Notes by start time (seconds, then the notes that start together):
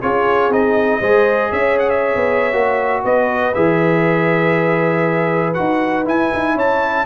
0.00 C#4 F4 G#4 C#5
0.48 C4 D#4 D#5
1.00 G#3 G#4 C5
1.51 C#4 C#5 E5
1.78 F#5
1.89 E5
2.15 B3
2.52 A#3 F#4
3.03 B3 B4 D#5
3.54 E3 G#4 E5
5.53 D#4 F#4 F#5
6.05 E4 G#5
6.33 D#4
6.54 C#4 C#5 A5